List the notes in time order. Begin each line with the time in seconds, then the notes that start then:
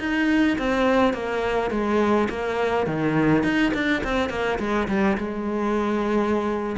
0.00 D#4
0.58 C4
1.14 A#3
1.71 G#3
2.30 A#3
2.87 D#3
3.44 D#4
3.74 D4
4.04 C4
4.30 A#3
4.60 G#3
4.89 G3
5.18 G#3